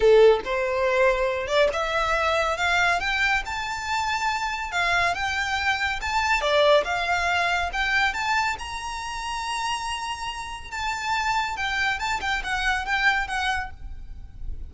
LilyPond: \new Staff \with { instrumentName = "violin" } { \time 4/4 \tempo 4 = 140 a'4 c''2~ c''8 d''8 | e''2 f''4 g''4 | a''2. f''4 | g''2 a''4 d''4 |
f''2 g''4 a''4 | ais''1~ | ais''4 a''2 g''4 | a''8 g''8 fis''4 g''4 fis''4 | }